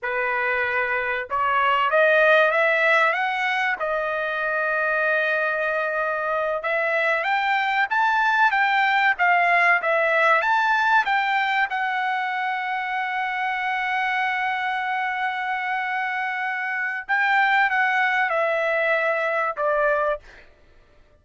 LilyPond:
\new Staff \with { instrumentName = "trumpet" } { \time 4/4 \tempo 4 = 95 b'2 cis''4 dis''4 | e''4 fis''4 dis''2~ | dis''2~ dis''8 e''4 g''8~ | g''8 a''4 g''4 f''4 e''8~ |
e''8 a''4 g''4 fis''4.~ | fis''1~ | fis''2. g''4 | fis''4 e''2 d''4 | }